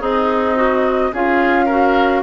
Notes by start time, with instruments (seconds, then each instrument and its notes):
0.00 bassoon C4, oboe D#4, clarinet G#4, flute D#5
0.55 clarinet F#4
1.13 bassoon C#4, clarinet F4, oboe G#4, flute F5
1.66 clarinet F#4, oboe A#4